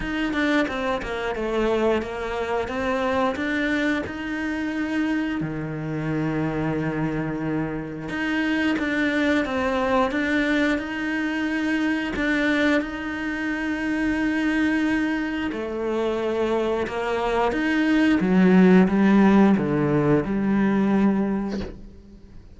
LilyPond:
\new Staff \with { instrumentName = "cello" } { \time 4/4 \tempo 4 = 89 dis'8 d'8 c'8 ais8 a4 ais4 | c'4 d'4 dis'2 | dis1 | dis'4 d'4 c'4 d'4 |
dis'2 d'4 dis'4~ | dis'2. a4~ | a4 ais4 dis'4 fis4 | g4 d4 g2 | }